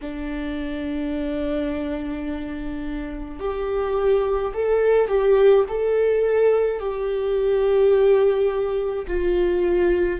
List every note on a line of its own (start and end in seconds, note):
0.01 3.39 D4
3.39 4.52 G4
4.54 5.07 A4
5.07 5.64 G4
5.68 6.79 A4
6.79 9.06 G4
9.07 10.20 F4